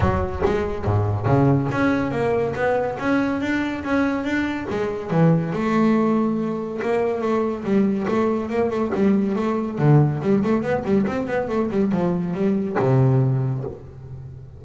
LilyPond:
\new Staff \with { instrumentName = "double bass" } { \time 4/4 \tempo 4 = 141 fis4 gis4 gis,4 cis4 | cis'4 ais4 b4 cis'4 | d'4 cis'4 d'4 gis4 | e4 a2. |
ais4 a4 g4 a4 | ais8 a8 g4 a4 d4 | g8 a8 b8 g8 c'8 b8 a8 g8 | f4 g4 c2 | }